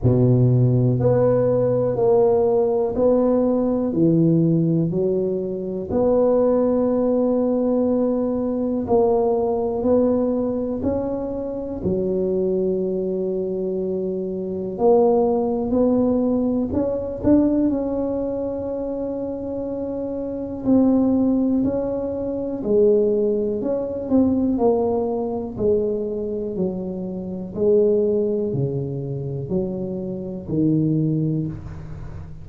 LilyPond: \new Staff \with { instrumentName = "tuba" } { \time 4/4 \tempo 4 = 61 b,4 b4 ais4 b4 | e4 fis4 b2~ | b4 ais4 b4 cis'4 | fis2. ais4 |
b4 cis'8 d'8 cis'2~ | cis'4 c'4 cis'4 gis4 | cis'8 c'8 ais4 gis4 fis4 | gis4 cis4 fis4 dis4 | }